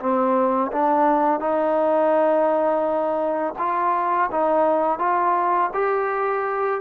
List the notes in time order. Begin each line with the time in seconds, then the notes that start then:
0.00 C4
0.72 D4
1.40 D#4
3.58 F4
4.31 D#4
4.99 F4
5.74 G4